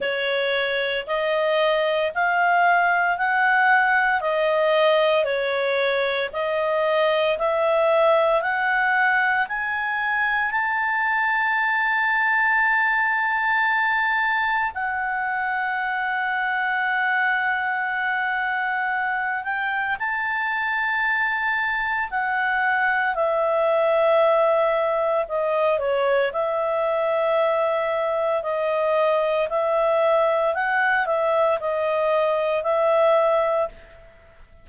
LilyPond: \new Staff \with { instrumentName = "clarinet" } { \time 4/4 \tempo 4 = 57 cis''4 dis''4 f''4 fis''4 | dis''4 cis''4 dis''4 e''4 | fis''4 gis''4 a''2~ | a''2 fis''2~ |
fis''2~ fis''8 g''8 a''4~ | a''4 fis''4 e''2 | dis''8 cis''8 e''2 dis''4 | e''4 fis''8 e''8 dis''4 e''4 | }